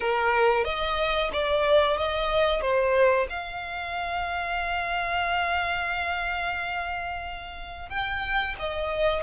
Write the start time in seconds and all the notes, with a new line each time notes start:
0.00 A#4
0.64 D#5
1.32 D5
1.97 D#5
2.61 C5
3.29 F5
7.89 G5
8.59 D#5